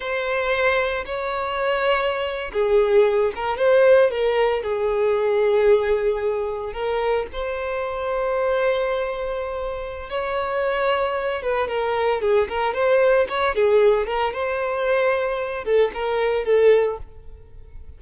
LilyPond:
\new Staff \with { instrumentName = "violin" } { \time 4/4 \tempo 4 = 113 c''2 cis''2~ | cis''8. gis'4. ais'8 c''4 ais'16~ | ais'8. gis'2.~ gis'16~ | gis'8. ais'4 c''2~ c''16~ |
c''2. cis''4~ | cis''4. b'8 ais'4 gis'8 ais'8 | c''4 cis''8 gis'4 ais'8 c''4~ | c''4. a'8 ais'4 a'4 | }